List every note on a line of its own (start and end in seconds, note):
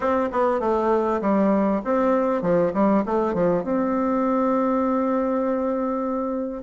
0.00 0.29 C4
0.31 0.60 B3
0.60 1.20 A3
1.21 1.81 G3
1.84 2.42 C4
2.42 2.72 F3
2.73 3.04 G3
3.05 3.33 A3
3.33 3.63 F3
3.63 6.63 C4